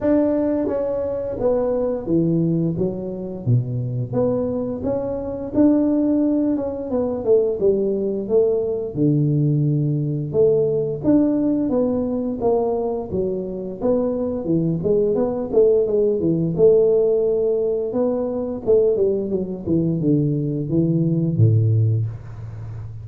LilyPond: \new Staff \with { instrumentName = "tuba" } { \time 4/4 \tempo 4 = 87 d'4 cis'4 b4 e4 | fis4 b,4 b4 cis'4 | d'4. cis'8 b8 a8 g4 | a4 d2 a4 |
d'4 b4 ais4 fis4 | b4 e8 gis8 b8 a8 gis8 e8 | a2 b4 a8 g8 | fis8 e8 d4 e4 a,4 | }